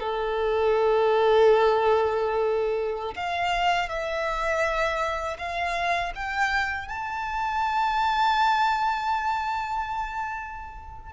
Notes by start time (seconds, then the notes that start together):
0.00 A4
3.16 F5
3.89 E5
5.38 F5
6.15 G5
6.88 A5